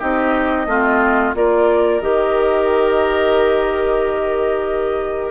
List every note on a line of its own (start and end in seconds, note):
0.00 0.67 C4
0.00 0.67 D#4
0.00 0.67 G4
0.00 1.34 D#5
0.67 1.34 A3
0.67 1.35 C4
0.67 1.36 F4
1.35 2.02 A#3
1.35 2.01 F4
1.35 5.31 A#4
1.35 2.02 D5
2.01 5.31 D#3
2.01 5.31 G4
2.01 5.31 D#5